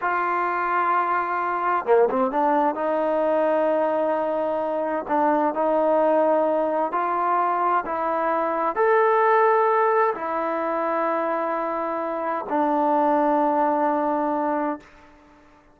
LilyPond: \new Staff \with { instrumentName = "trombone" } { \time 4/4 \tempo 4 = 130 f'1 | ais8 c'8 d'4 dis'2~ | dis'2. d'4 | dis'2. f'4~ |
f'4 e'2 a'4~ | a'2 e'2~ | e'2. d'4~ | d'1 | }